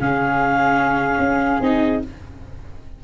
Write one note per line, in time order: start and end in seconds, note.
0.00 1.19 C#3
0.00 1.62 C#4
0.00 2.04 G#4
0.00 1.62 F5
1.19 1.59 C#4
1.61 2.01 C4
1.61 2.03 D#4
1.61 2.02 D#5